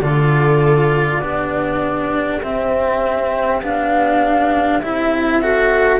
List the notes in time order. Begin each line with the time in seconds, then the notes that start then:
0.00 D3 F4 A4 D5
1.21 B3 D4 G4
2.41 C4 E5
3.61 B3 D4 F5
4.79 C4 E4 E5
5.42 F#4 A4